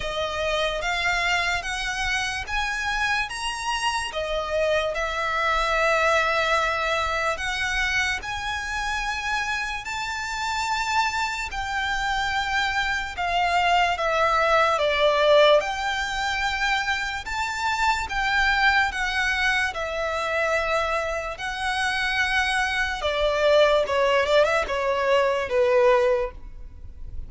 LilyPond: \new Staff \with { instrumentName = "violin" } { \time 4/4 \tempo 4 = 73 dis''4 f''4 fis''4 gis''4 | ais''4 dis''4 e''2~ | e''4 fis''4 gis''2 | a''2 g''2 |
f''4 e''4 d''4 g''4~ | g''4 a''4 g''4 fis''4 | e''2 fis''2 | d''4 cis''8 d''16 e''16 cis''4 b'4 | }